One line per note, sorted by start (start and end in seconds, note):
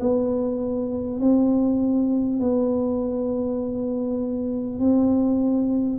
0.00 1.19 B3
1.19 2.39 C4
2.39 4.79 B3
4.79 5.99 C4